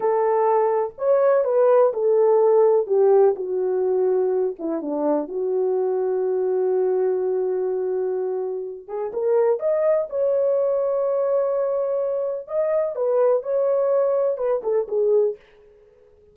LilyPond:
\new Staff \with { instrumentName = "horn" } { \time 4/4 \tempo 4 = 125 a'2 cis''4 b'4 | a'2 g'4 fis'4~ | fis'4. e'8 d'4 fis'4~ | fis'1~ |
fis'2~ fis'8 gis'8 ais'4 | dis''4 cis''2.~ | cis''2 dis''4 b'4 | cis''2 b'8 a'8 gis'4 | }